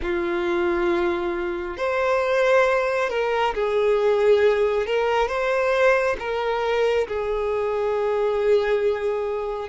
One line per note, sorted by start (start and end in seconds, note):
0.02 1.76 F4
1.76 3.09 C5
3.09 3.53 A#4
3.54 4.86 G#4
4.86 5.27 A#4
5.27 6.16 C5
6.19 7.07 A#4
7.07 9.68 G#4